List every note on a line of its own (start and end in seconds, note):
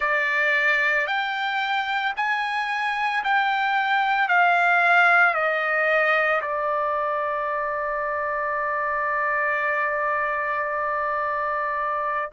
0.00 1.06 D5
1.06 2.13 G5
2.16 3.23 G#5
3.24 4.28 G5
4.28 5.34 F5
5.34 6.41 D#5
6.41 12.30 D5